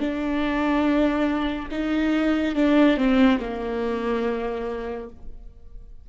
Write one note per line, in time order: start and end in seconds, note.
0.00 1.69 D4
1.71 2.55 D#4
2.55 2.97 D4
2.97 3.39 C4
3.40 5.09 A#3